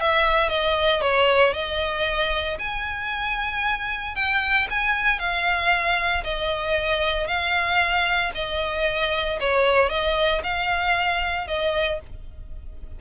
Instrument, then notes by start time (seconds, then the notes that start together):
violin
0.00 E5
0.49 D#5
1.01 C#5
1.53 D#5
2.59 G#5
4.15 G5
4.70 G#5
5.19 F5
6.24 D#5
7.27 F5
8.35 D#5
9.40 C#5
9.89 D#5
10.43 F5
11.47 D#5